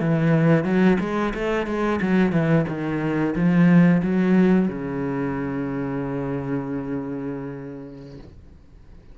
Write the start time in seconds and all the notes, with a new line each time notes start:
0.00 E3
0.64 F#3
1.00 G#3
1.34 A3
1.67 G#3
2.02 F#3
2.32 E3
2.68 D#3
3.35 F3
4.03 F#3
4.68 C#3